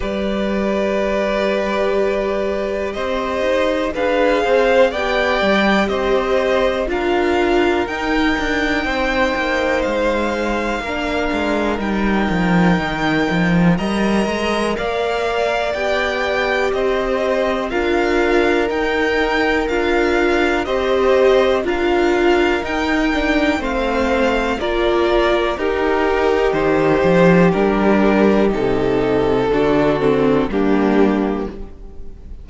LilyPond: <<
  \new Staff \with { instrumentName = "violin" } { \time 4/4 \tempo 4 = 61 d''2. dis''4 | f''4 g''4 dis''4 f''4 | g''2 f''2 | g''2 ais''4 f''4 |
g''4 dis''4 f''4 g''4 | f''4 dis''4 f''4 g''4 | f''4 d''4 ais'4 c''4 | ais'4 a'2 g'4 | }
  \new Staff \with { instrumentName = "violin" } { \time 4/4 b'2. c''4 | b'8 c''8 d''4 c''4 ais'4~ | ais'4 c''2 ais'4~ | ais'2 dis''4 d''4~ |
d''4 c''4 ais'2~ | ais'4 c''4 ais'2 | c''4 ais'4 g'2~ | g'2 fis'4 d'4 | }
  \new Staff \with { instrumentName = "viola" } { \time 4/4 g'1 | gis'4 g'2 f'4 | dis'2. d'4 | dis'2 ais'2 |
g'2 f'4 dis'4 | f'4 g'4 f'4 dis'8 d'8 | c'4 f'4 dis'2 | d'4 dis'4 d'8 c'8 ais4 | }
  \new Staff \with { instrumentName = "cello" } { \time 4/4 g2. c'8 dis'8 | d'8 c'8 b8 g8 c'4 d'4 | dis'8 d'8 c'8 ais8 gis4 ais8 gis8 | g8 f8 dis8 f8 g8 gis8 ais4 |
b4 c'4 d'4 dis'4 | d'4 c'4 d'4 dis'4 | a4 ais4 dis'4 dis8 f8 | g4 c4 d4 g4 | }
>>